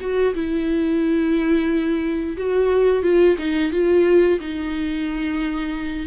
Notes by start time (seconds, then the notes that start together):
0.00 F#4
0.34 E4
2.37 F#4
3.02 F4
3.38 D#4
3.72 F4
4.40 D#4